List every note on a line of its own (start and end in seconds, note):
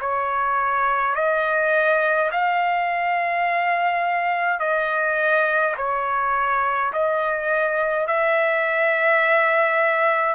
0.00 1.15 C#5
1.15 2.30 D#5
2.31 4.59 F5
4.59 5.75 D#5
5.77 6.92 C#5
6.92 8.07 D#5
8.07 10.35 E5